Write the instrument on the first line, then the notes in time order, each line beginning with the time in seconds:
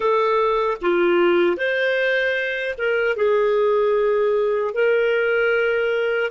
clarinet
0.00 A4
0.81 F4
1.56 C5
2.78 A#4
3.16 G#4
4.74 A#4